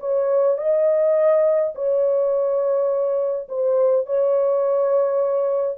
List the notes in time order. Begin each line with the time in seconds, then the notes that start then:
0.00 C#5
0.58 D#5
1.75 C#5
3.49 C5
4.06 C#5